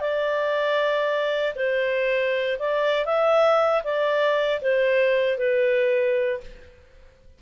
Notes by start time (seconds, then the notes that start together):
0.00 D5
1.55 C5
2.59 D5
3.05 E5
3.84 D5
4.61 C5
5.38 B4